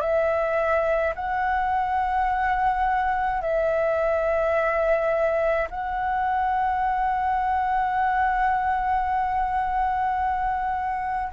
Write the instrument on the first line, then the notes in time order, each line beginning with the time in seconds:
flute
0.00 E5
1.15 F#5
3.41 E5
5.70 F#5